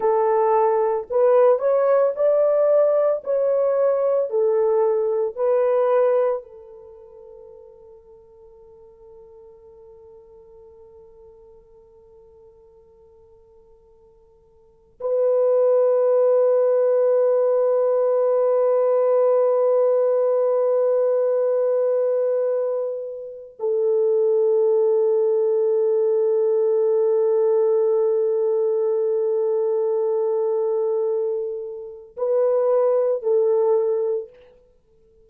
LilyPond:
\new Staff \with { instrumentName = "horn" } { \time 4/4 \tempo 4 = 56 a'4 b'8 cis''8 d''4 cis''4 | a'4 b'4 a'2~ | a'1~ | a'2 b'2~ |
b'1~ | b'2 a'2~ | a'1~ | a'2 b'4 a'4 | }